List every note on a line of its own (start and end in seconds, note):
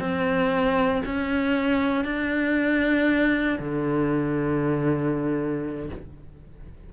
0.00 1.03 C4
1.06 2.05 C#4
2.05 3.59 D4
3.59 5.90 D3